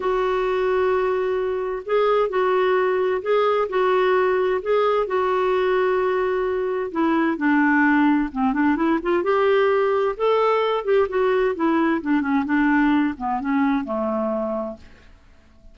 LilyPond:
\new Staff \with { instrumentName = "clarinet" } { \time 4/4 \tempo 4 = 130 fis'1 | gis'4 fis'2 gis'4 | fis'2 gis'4 fis'4~ | fis'2. e'4 |
d'2 c'8 d'8 e'8 f'8 | g'2 a'4. g'8 | fis'4 e'4 d'8 cis'8 d'4~ | d'8 b8 cis'4 a2 | }